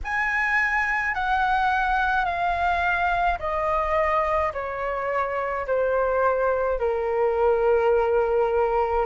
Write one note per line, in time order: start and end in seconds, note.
0.04 1.14 G#5
1.14 2.25 F#5
2.25 3.38 F5
3.39 4.52 D#5
4.53 5.66 C#5
5.66 6.79 C5
6.79 9.05 A#4